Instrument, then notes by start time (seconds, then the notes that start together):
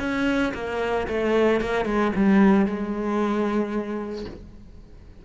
cello
0.00 C#4
0.54 A#3
1.08 A3
1.61 A#3
1.86 G#3
2.16 G3
2.67 G#3